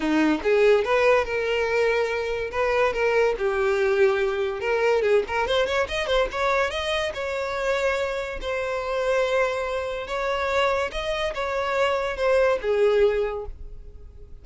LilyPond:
\new Staff \with { instrumentName = "violin" } { \time 4/4 \tempo 4 = 143 dis'4 gis'4 b'4 ais'4~ | ais'2 b'4 ais'4 | g'2. ais'4 | gis'8 ais'8 c''8 cis''8 dis''8 c''8 cis''4 |
dis''4 cis''2. | c''1 | cis''2 dis''4 cis''4~ | cis''4 c''4 gis'2 | }